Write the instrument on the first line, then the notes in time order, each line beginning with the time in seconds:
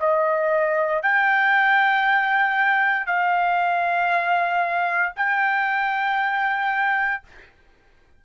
trumpet
0.00 D#5
1.02 G5
3.06 F5
5.16 G5